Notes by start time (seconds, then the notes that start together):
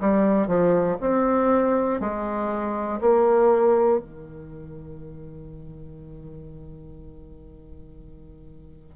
0.00 G3
0.48 F3
1.00 C4
2.00 G#3
3.01 A#3
4.00 D#3